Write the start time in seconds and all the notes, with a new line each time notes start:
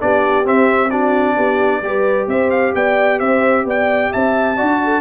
0.00 B3 D4 G4 D5
0.44 C4 E5
0.90 D4 F#4 D5
1.37 B3 G4
1.81 G3 G4 B4
2.27 C4 C5 E5
2.50 F5
2.75 B3 D5 G5
3.19 C4 C5 E5
3.65 B3 D5 G5
4.11 C4 E5 A5
4.57 D4 F#4 D5
4.84 A4